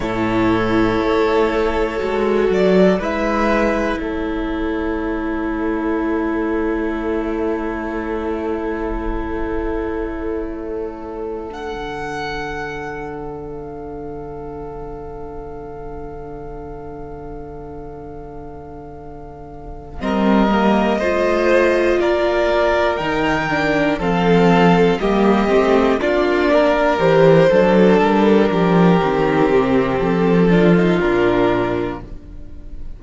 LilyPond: <<
  \new Staff \with { instrumentName = "violin" } { \time 4/4 \tempo 4 = 60 cis''2~ cis''8 d''8 e''4 | cis''1~ | cis''2.~ cis''8 fis''8~ | fis''4. f''2~ f''8~ |
f''1 | dis''2 d''4 g''4 | f''4 dis''4 d''4 c''4 | ais'2 a'4 ais'4 | }
  \new Staff \with { instrumentName = "violin" } { \time 4/4 a'2. b'4 | a'1~ | a'1~ | a'1~ |
a'1 | ais'4 c''4 ais'2 | a'4 g'4 f'8 ais'4 a'8~ | a'8 g'2 f'4. | }
  \new Staff \with { instrumentName = "viola" } { \time 4/4 e'2 fis'4 e'4~ | e'1~ | e'2.~ e'8 d'8~ | d'1~ |
d'1 | c'8 ais8 f'2 dis'8 d'8 | c'4 ais8 c'8 d'4 g'8 d'8~ | d'4 c'4. d'16 dis'16 d'4 | }
  \new Staff \with { instrumentName = "cello" } { \time 4/4 a,4 a4 gis8 fis8 gis4 | a1~ | a2.~ a8. d16~ | d1~ |
d1 | g4 a4 ais4 dis4 | f4 g8 a8 ais4 e8 fis8 | g8 f8 dis8 c8 f4 ais,4 | }
>>